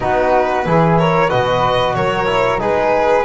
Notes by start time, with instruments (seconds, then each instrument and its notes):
0.00 double bass B3, trombone D#4, flute F#4, violin B4
0.65 double bass E3, trombone E4, flute G#4
0.98 flute A#4, violin C#5
1.29 double bass B2, trombone F#4, flute B4, violin D#5
1.94 double bass F#3, flute A#4, violin C#5
2.26 trombone E4
2.59 double bass G#3, trombone D#4, flute G#4, violin B4